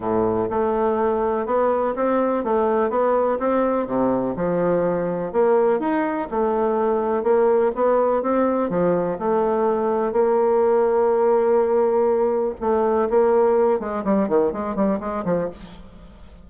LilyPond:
\new Staff \with { instrumentName = "bassoon" } { \time 4/4 \tempo 4 = 124 a,4 a2 b4 | c'4 a4 b4 c'4 | c4 f2 ais4 | dis'4 a2 ais4 |
b4 c'4 f4 a4~ | a4 ais2.~ | ais2 a4 ais4~ | ais8 gis8 g8 dis8 gis8 g8 gis8 f8 | }